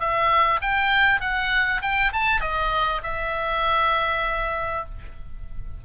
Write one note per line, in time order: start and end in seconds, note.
0.00 0.61 E5
0.62 1.21 G5
1.21 1.82 F#5
1.82 2.12 G5
2.13 2.41 A5
2.41 3.02 D#5
3.03 4.85 E5